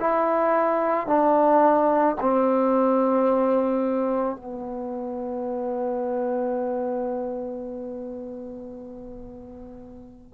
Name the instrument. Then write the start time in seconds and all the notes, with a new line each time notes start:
trombone
0.00 E4
1.07 D4
2.21 C4
4.36 B3